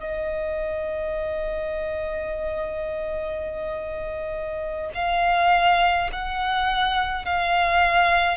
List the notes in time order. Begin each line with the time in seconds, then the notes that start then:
0.00 D#5
4.95 F5
6.13 F#5
7.25 F5